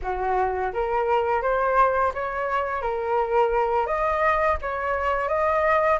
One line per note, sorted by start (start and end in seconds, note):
0.02 0.72 F#4
0.73 1.41 A#4
1.41 2.12 C5
2.14 2.81 C#5
2.81 3.86 A#4
3.86 4.57 D#5
4.61 5.28 C#5
5.28 5.98 D#5